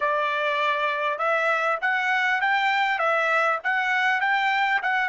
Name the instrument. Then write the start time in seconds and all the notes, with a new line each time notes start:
trumpet
0.00 D5
1.18 E5
1.81 F#5
2.41 G5
2.98 E5
3.63 F#5
4.20 G5
4.82 F#5